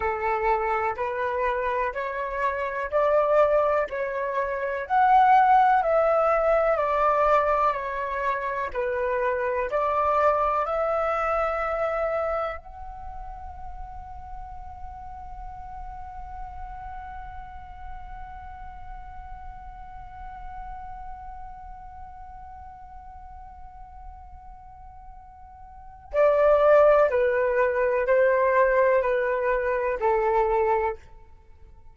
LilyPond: \new Staff \with { instrumentName = "flute" } { \time 4/4 \tempo 4 = 62 a'4 b'4 cis''4 d''4 | cis''4 fis''4 e''4 d''4 | cis''4 b'4 d''4 e''4~ | e''4 fis''2.~ |
fis''1~ | fis''1~ | fis''2. d''4 | b'4 c''4 b'4 a'4 | }